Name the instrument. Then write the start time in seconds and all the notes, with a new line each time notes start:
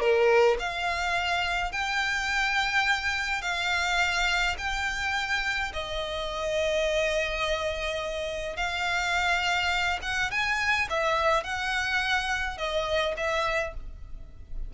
violin
0.00 A#4
0.59 F5
1.72 G5
3.42 F5
4.58 G5
5.73 D#5
8.57 F5
10.02 F#5
10.31 G#5
10.90 E5
11.44 F#5
12.58 D#5
13.17 E5